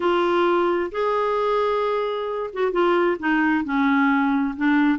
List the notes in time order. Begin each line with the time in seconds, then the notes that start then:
0.00 F4
0.91 G#4
2.53 F#4
2.71 F4
3.19 D#4
3.64 C#4
4.56 D4